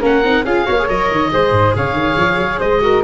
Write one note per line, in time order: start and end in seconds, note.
0.00 0.24 A#3
0.00 0.22 C#4
0.00 0.43 A#4
0.00 0.45 F#5
0.24 0.44 C4
0.24 0.45 D#4
0.44 0.66 C#4
0.44 0.65 F4
0.44 0.66 G#4
0.44 0.88 F5
0.65 0.89 A#3
0.65 0.76 F#4
0.65 1.30 C#5
0.78 0.87 G#4
0.87 1.10 F#3
0.87 1.31 A#4
0.87 1.75 D#5
1.10 1.32 D#3
1.32 1.51 G#3
1.32 2.81 G#4
1.32 1.76 C5
1.51 1.73 G#2
1.75 1.92 C#3
1.75 2.59 C#5
1.75 2.60 F5
1.92 2.14 D#3
2.17 2.37 F3
2.37 2.59 F#3
2.59 3.04 G#3
2.59 2.80 C5
2.59 3.03 D#5
2.81 3.02 F#4
2.81 3.04 A#4